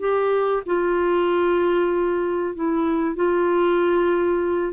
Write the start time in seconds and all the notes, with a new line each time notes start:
0.00 G4
0.66 F4
2.56 E4
3.16 F4